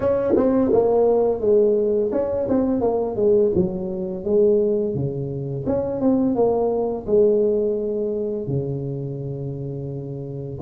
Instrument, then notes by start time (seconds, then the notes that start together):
tuba
0.00 C#4
0.35 C4
0.72 A#3
1.40 G#3
2.11 C#4
2.48 C4
2.80 A#3
3.16 G#3
3.55 F#3
4.24 G#3
4.94 C#3
5.66 C#4
6.00 C4
6.35 A#3
7.06 G#3
8.47 C#3